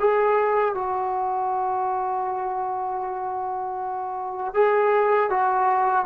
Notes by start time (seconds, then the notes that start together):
0.00 G#4
0.75 F#4
4.54 G#4
5.30 F#4